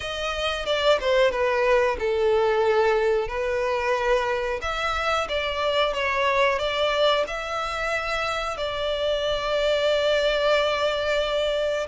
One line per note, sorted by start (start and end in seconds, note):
0.00 0.65 D#5
0.65 0.98 D5
1.00 1.31 C5
1.31 1.97 B4
1.99 3.28 A4
3.28 4.59 B4
4.61 5.27 E5
5.29 5.93 D5
5.93 6.58 C#5
6.58 7.24 D5
7.27 8.57 E5
8.57 11.87 D5